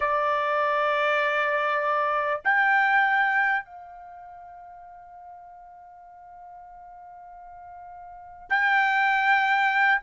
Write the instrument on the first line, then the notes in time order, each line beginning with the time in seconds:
trumpet
0.00 D5
2.44 G5
3.64 F5
8.49 G5